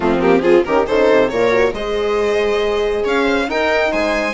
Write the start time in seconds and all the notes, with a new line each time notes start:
0.00 F3 A3 C4 F4
0.19 A#3 G4
0.41 C4 F4 G#4
0.64 D#3 C#4 G4 A#4
0.87 C#3 D#4 A4 C5
1.11 C3
1.29 A#2 F4 A#4 C#5
1.51 F#4
1.73 G#3 G#4 C5 D#5
3.04 C#4 C#5 F5
3.23 C5
3.48 D#4 A#4 G5
3.91 G#3 C5 G#5